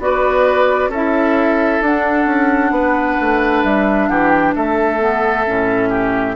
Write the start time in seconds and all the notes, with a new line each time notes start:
0.00 B3 F#4 B4 D5
0.89 C#4 A4 E5
0.95 E4
1.82 D4 F#5
2.26 C#4
2.71 B3 B4
3.21 A3
3.64 G3 E5
4.09 E3 G4 F#5
4.30 G5
4.56 A3 A4 E5
5.00 B3
5.47 A2 C#4
5.90 G4